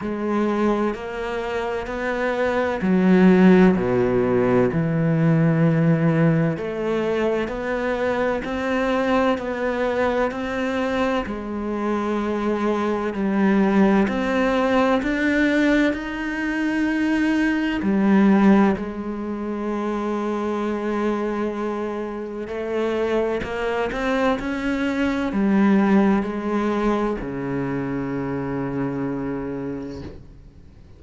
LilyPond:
\new Staff \with { instrumentName = "cello" } { \time 4/4 \tempo 4 = 64 gis4 ais4 b4 fis4 | b,4 e2 a4 | b4 c'4 b4 c'4 | gis2 g4 c'4 |
d'4 dis'2 g4 | gis1 | a4 ais8 c'8 cis'4 g4 | gis4 cis2. | }